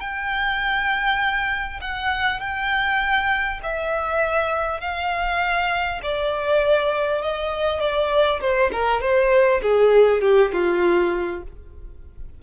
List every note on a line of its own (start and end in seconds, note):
0.00 1.80 G5
1.81 2.40 F#5
2.40 3.60 G5
3.63 4.80 E5
4.80 6.00 F5
6.03 7.22 D5
7.22 7.80 D#5
7.80 8.40 D5
8.41 8.71 C5
8.72 9.01 A#4
9.01 9.61 C5
9.62 10.21 G#4
10.21 10.51 G4
10.52 11.42 F4